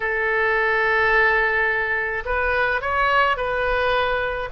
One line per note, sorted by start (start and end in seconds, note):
0.00 2.23 A4
2.25 2.81 B4
2.81 3.36 C#5
3.36 4.49 B4